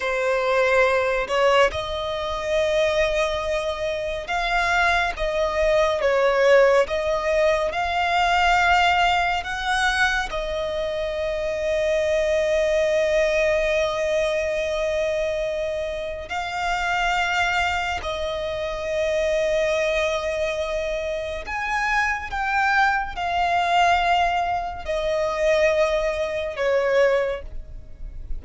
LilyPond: \new Staff \with { instrumentName = "violin" } { \time 4/4 \tempo 4 = 70 c''4. cis''8 dis''2~ | dis''4 f''4 dis''4 cis''4 | dis''4 f''2 fis''4 | dis''1~ |
dis''2. f''4~ | f''4 dis''2.~ | dis''4 gis''4 g''4 f''4~ | f''4 dis''2 cis''4 | }